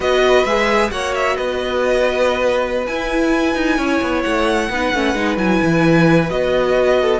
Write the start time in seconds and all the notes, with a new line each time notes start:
0.00 B3 F#4 B4 D#5
0.44 G#3 G#4 E5
0.90 A#3 F#4 C#5 F#5
1.14 E5
1.36 B3 B4 D#5
2.86 E4 G#5
3.54 D#4
3.77 C#4 C#5
4.01 B3
4.22 A3 F#5
4.69 B3 D#4 B4
4.93 A3 C#4
5.14 G#3 D#4
5.37 F#3 E4 G#5
5.63 E3
6.29 B3 F#4 D#5
7.01 A4